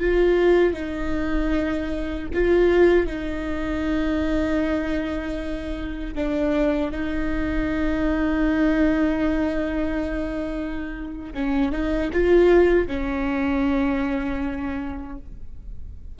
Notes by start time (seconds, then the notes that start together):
0.00 F4
0.74 D#4
2.34 F4
3.07 D#4
6.15 D4
6.92 D#4
11.34 C#4
11.72 D#4
12.13 F4
12.88 C#4